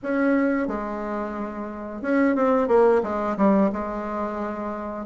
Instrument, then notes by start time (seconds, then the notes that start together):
bassoon
0.02 C#4
0.67 G#3
2.02 C#4
2.35 C4
2.68 A#3
3.03 G#3
3.37 G3
3.72 G#3